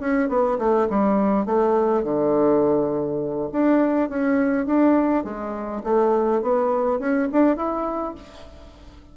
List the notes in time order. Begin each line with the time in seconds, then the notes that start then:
0.00 C#4
0.29 B3
0.59 A3
0.89 G3
1.46 A3
2.04 D3
3.52 D4
4.09 C#4
4.66 D4
5.24 G#3
5.84 A3
6.42 B3
6.99 C#4
7.32 D4
7.57 E4